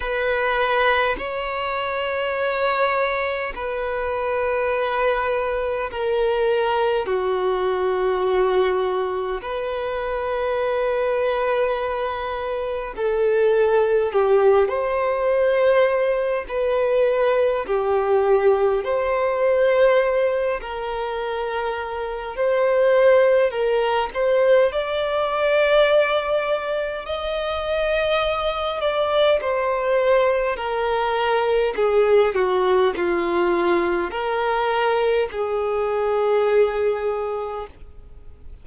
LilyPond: \new Staff \with { instrumentName = "violin" } { \time 4/4 \tempo 4 = 51 b'4 cis''2 b'4~ | b'4 ais'4 fis'2 | b'2. a'4 | g'8 c''4. b'4 g'4 |
c''4. ais'4. c''4 | ais'8 c''8 d''2 dis''4~ | dis''8 d''8 c''4 ais'4 gis'8 fis'8 | f'4 ais'4 gis'2 | }